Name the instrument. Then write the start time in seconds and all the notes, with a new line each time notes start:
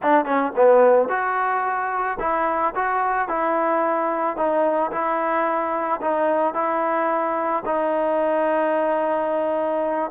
trombone
0.02 D4
0.25 C#4
0.56 B3
1.08 F#4
2.19 E4
2.75 F#4
3.28 E4
4.36 D#4
4.91 E4
6.01 D#4
6.54 E4
7.65 D#4